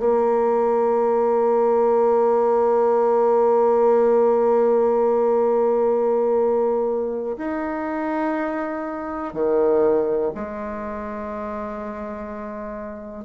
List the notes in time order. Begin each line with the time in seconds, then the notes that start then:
0.00 A#3
7.38 D#4
9.34 D#3
10.35 G#3